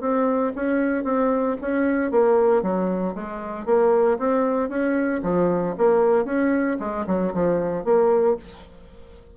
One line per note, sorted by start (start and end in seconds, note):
0.00 0.52 C4
0.55 1.04 C#4
1.04 1.56 C4
1.61 2.11 C#4
2.11 2.62 A#3
2.62 3.14 F#3
3.14 3.65 G#3
3.65 4.18 A#3
4.18 4.69 C4
4.69 5.21 C#4
5.23 5.75 F3
5.77 6.25 A#3
6.25 6.77 C#4
6.79 7.05 G#3
7.07 7.33 F#3
7.33 7.84 F3
7.84 8.36 A#3